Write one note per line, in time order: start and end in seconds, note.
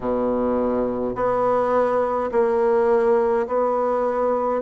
0.00 1.15 B2
1.15 2.30 B3
2.31 3.46 A#3
3.47 4.61 B3